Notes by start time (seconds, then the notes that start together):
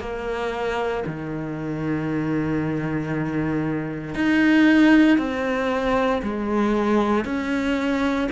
0.00 A#3
1.07 D#3
4.15 D#4
5.18 C4
6.23 G#3
7.25 C#4